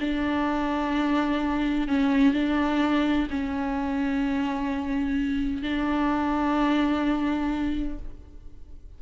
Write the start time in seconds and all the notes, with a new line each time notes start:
0.00 D4
1.88 C#4
2.33 D4
3.30 C#4
5.62 D4